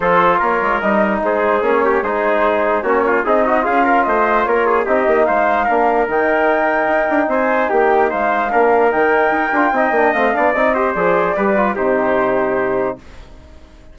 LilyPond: <<
  \new Staff \with { instrumentName = "flute" } { \time 4/4 \tempo 4 = 148 c''4 cis''4 dis''4 c''4 | cis''4 c''2 cis''4 | dis''4 f''4 dis''4 cis''4 | dis''4 f''2 g''4~ |
g''2 gis''4 g''4 | f''2 g''2~ | g''4 f''4 dis''4 d''4~ | d''4 c''2. | }
  \new Staff \with { instrumentName = "trumpet" } { \time 4/4 a'4 ais'2 gis'4~ | gis'8 g'8 gis'2 fis'8 f'8 | dis'4 gis'8 ais'8 c''4 ais'8 gis'8 | g'4 c''4 ais'2~ |
ais'2 c''4 g'4 | c''4 ais'2. | dis''4. d''4 c''4. | b'4 g'2. | }
  \new Staff \with { instrumentName = "trombone" } { \time 4/4 f'2 dis'2 | cis'4 dis'2 cis'4 | gis'8 fis'8 f'2. | dis'2 d'4 dis'4~ |
dis'1~ | dis'4 d'4 dis'4. f'8 | dis'8 d'8 c'8 d'8 dis'8 g'8 gis'4 | g'8 f'8 dis'2. | }
  \new Staff \with { instrumentName = "bassoon" } { \time 4/4 f4 ais8 gis8 g4 gis4 | ais4 gis2 ais4 | c'4 cis'4 a4 ais4 | c'8 ais8 gis4 ais4 dis4~ |
dis4 dis'8 d'8 c'4 ais4 | gis4 ais4 dis4 dis'8 d'8 | c'8 ais8 a8 b8 c'4 f4 | g4 c2. | }
>>